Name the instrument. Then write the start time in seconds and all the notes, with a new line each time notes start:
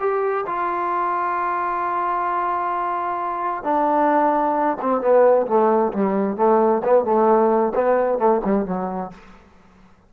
trombone
0.00 G4
0.46 F4
3.64 D4
4.81 C4
5.01 B3
5.47 A3
5.93 G3
6.37 A3
6.84 B3
7.05 A3
7.75 B3
8.18 A3
8.45 G3
8.66 F#3